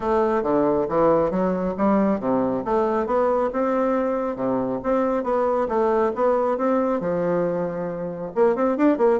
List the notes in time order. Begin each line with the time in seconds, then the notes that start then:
0.00 A3
0.43 D3
0.88 E3
1.30 F#3
1.77 G3
2.19 C3
2.64 A3
3.06 B3
3.53 C4
4.36 C3
4.83 C4
5.23 B3
5.68 A3
6.15 B3
6.57 C4
7.00 F3
8.35 A#3
8.55 C4
8.77 D4
8.97 A#3